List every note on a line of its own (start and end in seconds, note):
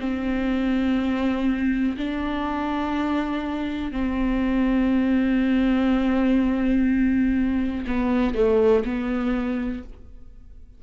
0.00 1.97 C4
1.98 3.92 D4
3.92 7.86 C4
7.87 8.35 B3
8.35 8.84 A3
8.85 9.83 B3